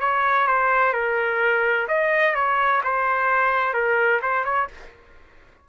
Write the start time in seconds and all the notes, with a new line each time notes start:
0.00 C#5
0.47 C5
0.93 A#4
1.88 D#5
2.34 C#5
2.83 C5
3.73 A#4
4.22 C5
4.44 C#5